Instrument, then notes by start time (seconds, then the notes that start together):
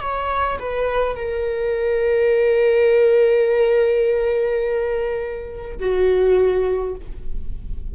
viola
0.00 C#5
0.59 B4
1.15 A#4
5.80 F#4